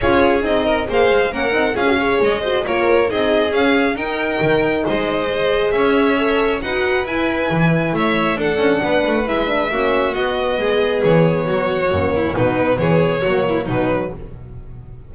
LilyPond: <<
  \new Staff \with { instrumentName = "violin" } { \time 4/4 \tempo 4 = 136 cis''4 dis''4 f''4 fis''4 | f''4 dis''4 cis''4 dis''4 | f''4 g''2 dis''4~ | dis''4 e''2 fis''4 |
gis''2 e''4 fis''4~ | fis''4 e''2 dis''4~ | dis''4 cis''2. | b'4 cis''2 b'4 | }
  \new Staff \with { instrumentName = "violin" } { \time 4/4 gis'4. ais'8 c''4 ais'4 | gis'8 cis''4 c''8 ais'4 gis'4~ | gis'4 ais'2 c''4~ | c''4 cis''2 b'4~ |
b'2 cis''4 a'4 | b'2 fis'2 | gis'2 fis'4. e'8 | dis'4 gis'4 fis'8 e'8 dis'4 | }
  \new Staff \with { instrumentName = "horn" } { \time 4/4 f'4 dis'4 gis'4 cis'8 dis'8 | f'16 fis'16 gis'4 fis'8 f'4 dis'4 | cis'4 dis'2. | gis'2 a'4 fis'4 |
e'2. d'4~ | d'4 e'8 d'8 cis'4 b4~ | b2. ais4 | b2 ais4 fis4 | }
  \new Staff \with { instrumentName = "double bass" } { \time 4/4 cis'4 c'4 ais8 gis8 ais8 c'8 | cis'4 gis4 ais4 c'4 | cis'4 dis'4 dis4 gis4~ | gis4 cis'2 dis'4 |
e'4 e4 a4 d'8 cis'8 | b8 a8 gis4 ais4 b4 | gis4 e4 fis4 fis,4 | b,4 e4 fis4 b,4 | }
>>